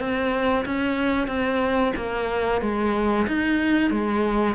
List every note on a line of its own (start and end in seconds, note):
0.00 0.65 C4
0.66 1.28 C#4
1.28 1.93 C4
1.97 2.62 A#3
2.62 3.27 G#3
3.28 3.91 D#4
3.91 4.55 G#3